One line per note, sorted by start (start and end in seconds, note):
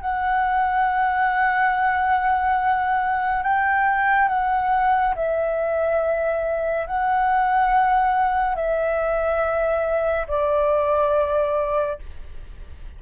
0.00 3.43 F#5
3.43 4.28 G5
4.28 5.14 F#5
5.15 6.86 E5
6.86 8.55 F#5
8.55 10.27 E5
10.27 11.98 D5